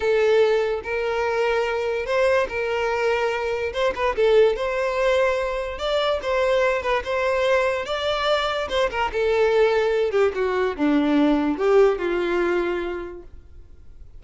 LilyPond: \new Staff \with { instrumentName = "violin" } { \time 4/4 \tempo 4 = 145 a'2 ais'2~ | ais'4 c''4 ais'2~ | ais'4 c''8 b'8 a'4 c''4~ | c''2 d''4 c''4~ |
c''8 b'8 c''2 d''4~ | d''4 c''8 ais'8 a'2~ | a'8 g'8 fis'4 d'2 | g'4 f'2. | }